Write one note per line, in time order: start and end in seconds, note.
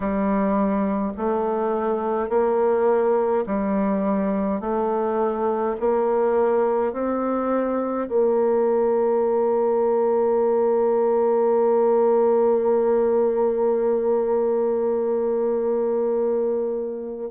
0.00 1.12 G3
1.17 2.29 A3
2.29 3.44 A#3
3.46 4.60 G3
4.60 5.75 A3
5.80 6.92 A#3
6.92 8.08 C4
8.08 17.30 A#3